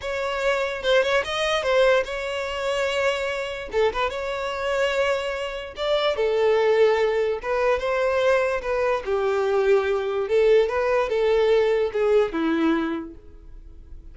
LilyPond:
\new Staff \with { instrumentName = "violin" } { \time 4/4 \tempo 4 = 146 cis''2 c''8 cis''8 dis''4 | c''4 cis''2.~ | cis''4 a'8 b'8 cis''2~ | cis''2 d''4 a'4~ |
a'2 b'4 c''4~ | c''4 b'4 g'2~ | g'4 a'4 b'4 a'4~ | a'4 gis'4 e'2 | }